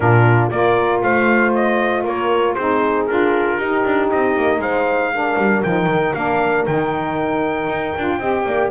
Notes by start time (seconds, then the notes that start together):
0.00 A#2 D4 F4 A#4
0.50 A#3 F4 A#4 D5
1.02 A3 C5 F5
1.54 D#5
2.03 A#3 A#4 C#5
2.54 C4 D#4 G#4 C5
3.07 D4 F4 A#4
3.56 D#4 G4
3.85 D4
4.10 C4 D#5
4.36 A#3
4.58 G#3 C5 F5
5.13 D4 A#4
5.37 G3
5.63 F3 D#4 G5
5.86 D#3
6.13 A#3 D4 F5
6.66 D#3 D#4 G5
7.68 D#4
7.97 D4 F4
8.19 C4 G4 D#5
8.45 A#3 D5